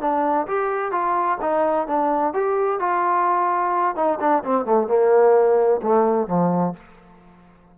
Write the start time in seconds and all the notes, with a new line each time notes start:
0.00 D4
0.47 G4
0.91 F4
1.41 D#4
1.87 D4
2.33 G4
2.79 F4
3.95 D#4
4.19 D4
4.43 C4
4.65 A3
4.87 A#3
5.82 A3
6.27 F3